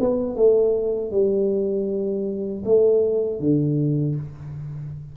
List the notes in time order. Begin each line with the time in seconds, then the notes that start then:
0.00 B3
0.36 A3
1.12 G3
2.65 A3
3.40 D3